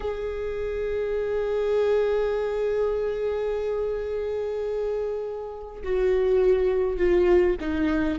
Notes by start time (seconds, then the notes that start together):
0.00 G#4
5.83 F#4
6.97 F4
7.60 D#4